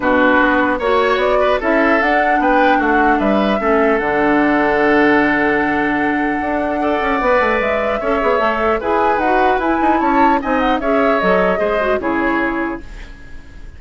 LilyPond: <<
  \new Staff \with { instrumentName = "flute" } { \time 4/4 \tempo 4 = 150 b'2 cis''4 d''4 | e''4 fis''4 g''4 fis''4 | e''2 fis''2~ | fis''1~ |
fis''2. e''4~ | e''2 gis''4 fis''4 | gis''4 a''4 gis''8 fis''8 e''4 | dis''2 cis''2 | }
  \new Staff \with { instrumentName = "oboe" } { \time 4/4 fis'2 cis''4. b'8 | a'2 b'4 fis'4 | b'4 a'2.~ | a'1~ |
a'4 d''2. | cis''2 b'2~ | b'4 cis''4 dis''4 cis''4~ | cis''4 c''4 gis'2 | }
  \new Staff \with { instrumentName = "clarinet" } { \time 4/4 d'2 fis'2 | e'4 d'2.~ | d'4 cis'4 d'2~ | d'1~ |
d'4 a'4 b'2 | a'8 gis'8 a'4 gis'4 fis'4 | e'2 dis'4 gis'4 | a'4 gis'8 fis'8 e'2 | }
  \new Staff \with { instrumentName = "bassoon" } { \time 4/4 b,4 b4 ais4 b4 | cis'4 d'4 b4 a4 | g4 a4 d2~ | d1 |
d'4. cis'8 b8 a8 gis4 | cis'8 b8 a4 e'4 dis'4 | e'8 dis'8 cis'4 c'4 cis'4 | fis4 gis4 cis2 | }
>>